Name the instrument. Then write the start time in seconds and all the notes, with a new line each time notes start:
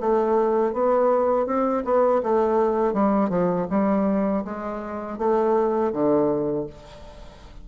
bassoon
0.00 A3
0.73 B3
1.46 C4
1.84 B3
2.23 A3
2.93 G3
3.29 F3
3.70 G3
4.44 G#3
5.18 A3
5.92 D3